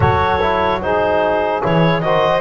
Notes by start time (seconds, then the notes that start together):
0.00 F#3 F#4 A4 C#5
0.41 E4
0.81 D#4 G#4 C5
1.61 E3 E4 C#5
2.01 D#3 F#4 C5 D#5